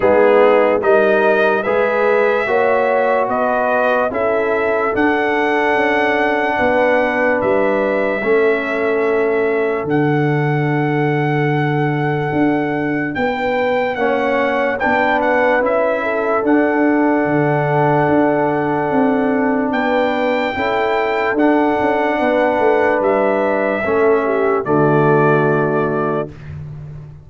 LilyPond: <<
  \new Staff \with { instrumentName = "trumpet" } { \time 4/4 \tempo 4 = 73 gis'4 dis''4 e''2 | dis''4 e''4 fis''2~ | fis''4 e''2. | fis''1 |
g''4 fis''4 g''8 fis''8 e''4 | fis''1 | g''2 fis''2 | e''2 d''2 | }
  \new Staff \with { instrumentName = "horn" } { \time 4/4 dis'4 ais'4 b'4 cis''4 | b'4 a'2. | b'2 a'2~ | a'1 |
b'4 cis''4 b'4. a'8~ | a'1 | b'4 a'2 b'4~ | b'4 a'8 g'8 fis'2 | }
  \new Staff \with { instrumentName = "trombone" } { \time 4/4 b4 dis'4 gis'4 fis'4~ | fis'4 e'4 d'2~ | d'2 cis'2 | d'1~ |
d'4 cis'4 d'4 e'4 | d'1~ | d'4 e'4 d'2~ | d'4 cis'4 a2 | }
  \new Staff \with { instrumentName = "tuba" } { \time 4/4 gis4 g4 gis4 ais4 | b4 cis'4 d'4 cis'4 | b4 g4 a2 | d2. d'4 |
b4 ais4 b4 cis'4 | d'4 d4 d'4 c'4 | b4 cis'4 d'8 cis'8 b8 a8 | g4 a4 d2 | }
>>